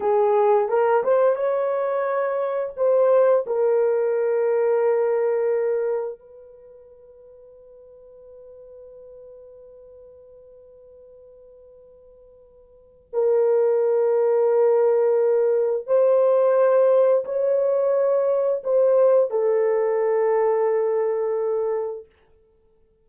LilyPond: \new Staff \with { instrumentName = "horn" } { \time 4/4 \tempo 4 = 87 gis'4 ais'8 c''8 cis''2 | c''4 ais'2.~ | ais'4 b'2.~ | b'1~ |
b'2. ais'4~ | ais'2. c''4~ | c''4 cis''2 c''4 | a'1 | }